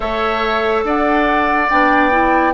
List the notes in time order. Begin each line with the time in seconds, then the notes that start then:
0.00 A3 A4 C#5 E5
0.83 D4 D5 F#5
1.69 B3 D4 G5
2.11 E4